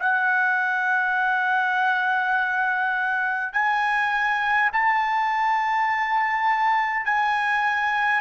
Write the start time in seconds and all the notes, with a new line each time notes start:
0.00 F#5
3.53 G#5
4.73 A5
7.05 G#5